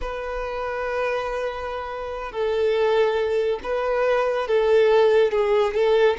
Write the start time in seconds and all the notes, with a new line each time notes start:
0.01 B4
2.32 A4
3.63 B4
4.47 A4
5.31 G#4
5.74 A4